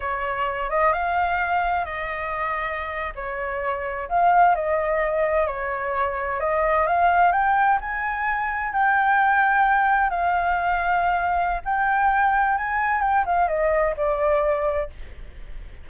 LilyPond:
\new Staff \with { instrumentName = "flute" } { \time 4/4 \tempo 4 = 129 cis''4. dis''8 f''2 | dis''2~ dis''8. cis''4~ cis''16~ | cis''8. f''4 dis''2 cis''16~ | cis''4.~ cis''16 dis''4 f''4 g''16~ |
g''8. gis''2 g''4~ g''16~ | g''4.~ g''16 f''2~ f''16~ | f''4 g''2 gis''4 | g''8 f''8 dis''4 d''2 | }